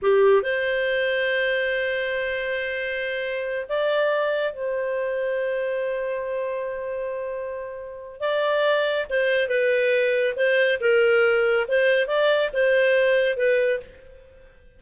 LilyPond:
\new Staff \with { instrumentName = "clarinet" } { \time 4/4 \tempo 4 = 139 g'4 c''2.~ | c''1~ | c''8 d''2 c''4.~ | c''1~ |
c''2. d''4~ | d''4 c''4 b'2 | c''4 ais'2 c''4 | d''4 c''2 b'4 | }